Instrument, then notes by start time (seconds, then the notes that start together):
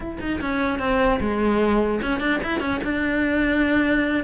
cello
0.00 E4
0.20 D#4
0.40 C#4
0.79 C4
1.20 G#3
2.02 C#4
2.19 D4
2.43 E4
2.60 C#4
2.83 D4